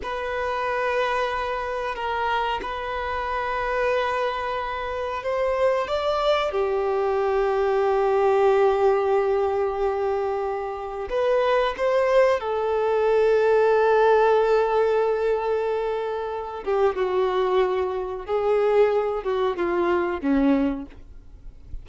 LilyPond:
\new Staff \with { instrumentName = "violin" } { \time 4/4 \tempo 4 = 92 b'2. ais'4 | b'1 | c''4 d''4 g'2~ | g'1~ |
g'4 b'4 c''4 a'4~ | a'1~ | a'4. g'8 fis'2 | gis'4. fis'8 f'4 cis'4 | }